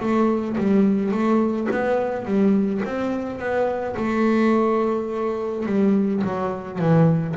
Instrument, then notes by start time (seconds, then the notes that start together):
double bass
0.00 A3
0.58 G3
1.12 A3
1.71 B3
2.25 G3
2.85 C4
3.39 B3
3.97 A3
5.66 G3
6.24 F#3
6.79 E3